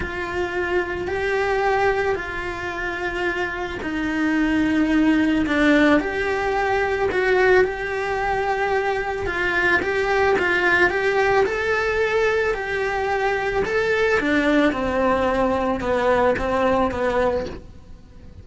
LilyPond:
\new Staff \with { instrumentName = "cello" } { \time 4/4 \tempo 4 = 110 f'2 g'2 | f'2. dis'4~ | dis'2 d'4 g'4~ | g'4 fis'4 g'2~ |
g'4 f'4 g'4 f'4 | g'4 a'2 g'4~ | g'4 a'4 d'4 c'4~ | c'4 b4 c'4 b4 | }